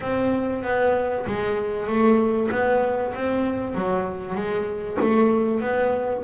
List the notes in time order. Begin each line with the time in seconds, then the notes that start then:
0.00 C4
0.63 B3
1.26 G#3
1.86 A3
2.51 B3
3.14 C4
3.74 F#3
4.34 G#3
5.01 A3
5.61 B3